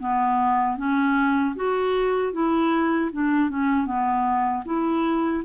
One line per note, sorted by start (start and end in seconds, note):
0.00 0.78 B3
0.78 1.55 C#4
1.56 2.33 F#4
2.33 3.11 E4
3.12 3.50 D4
3.50 3.86 C#4
3.86 4.64 B3
4.65 5.43 E4